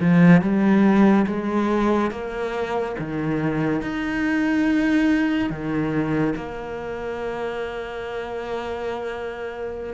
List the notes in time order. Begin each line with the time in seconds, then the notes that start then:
0.00 F3
0.41 G3
1.26 G#3
2.10 A#3
2.98 D#3
3.81 D#4
5.50 D#3
6.35 A#3